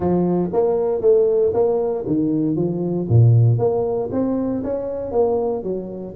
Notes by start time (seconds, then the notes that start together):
0.00 F3
0.52 A#3
1.01 A3
1.53 A#3
2.06 D#3
2.56 F3
3.09 A#2
3.58 A#3
4.11 C4
4.63 C#4
5.11 A#3
5.63 F#3